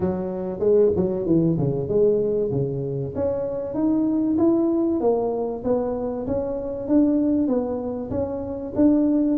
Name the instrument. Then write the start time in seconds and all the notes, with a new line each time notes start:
tuba
0.00 F#3
0.59 G#3
0.95 F#3
1.26 E3
1.57 C#3
1.88 G#3
2.51 C#3
3.15 C#4
3.74 D#4
4.38 E4
5.00 A#3
5.64 B3
6.26 C#4
6.88 D4
7.47 B3
8.10 C#4
8.75 D4